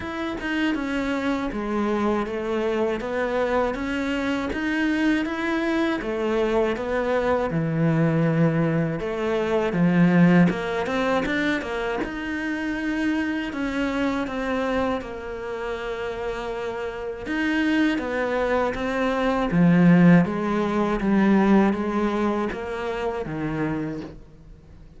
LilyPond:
\new Staff \with { instrumentName = "cello" } { \time 4/4 \tempo 4 = 80 e'8 dis'8 cis'4 gis4 a4 | b4 cis'4 dis'4 e'4 | a4 b4 e2 | a4 f4 ais8 c'8 d'8 ais8 |
dis'2 cis'4 c'4 | ais2. dis'4 | b4 c'4 f4 gis4 | g4 gis4 ais4 dis4 | }